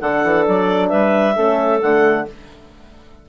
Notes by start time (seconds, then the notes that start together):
0.00 D3 D4 A4 F#5
0.24 E3
0.46 F#3 D5
0.88 G3 B4 E5
1.35 A3 C#4 A4
1.81 D3 A3 F#5